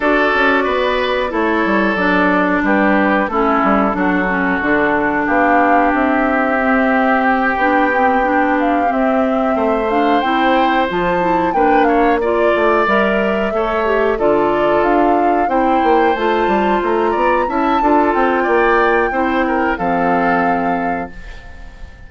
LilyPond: <<
  \new Staff \with { instrumentName = "flute" } { \time 4/4 \tempo 4 = 91 d''2 cis''4 d''4 | b'4 a'2. | f''4 e''2 g''4~ | g''4 f''8 e''4. f''8 g''8~ |
g''8 a''4 g''8 f''8 d''4 e''8~ | e''4. d''4 f''4 g''8~ | g''8 a''4 ais''4 a''4 g''8~ | g''2 f''2 | }
  \new Staff \with { instrumentName = "oboe" } { \time 4/4 a'4 b'4 a'2 | g'4 e'4 fis'2 | g'1~ | g'2~ g'8 c''4.~ |
c''4. b'8 cis''8 d''4.~ | d''8 cis''4 a'2 c''8~ | c''2 d''8 e''8 a'4 | d''4 c''8 ais'8 a'2 | }
  \new Staff \with { instrumentName = "clarinet" } { \time 4/4 fis'2 e'4 d'4~ | d'4 cis'4 d'8 cis'8 d'4~ | d'2 c'4. d'8 | c'8 d'4 c'4. d'8 e'8~ |
e'8 f'8 e'8 d'4 f'4 ais'8~ | ais'8 a'8 g'8 f'2 e'8~ | e'8 f'2 e'8 f'4~ | f'4 e'4 c'2 | }
  \new Staff \with { instrumentName = "bassoon" } { \time 4/4 d'8 cis'8 b4 a8 g8 fis4 | g4 a8 g8 fis4 d4 | b4 c'2~ c'8 b8~ | b4. c'4 a4 c'8~ |
c'8 f4 ais4. a8 g8~ | g8 a4 d4 d'4 c'8 | ais8 a8 g8 a8 b8 cis'8 d'8 c'8 | ais4 c'4 f2 | }
>>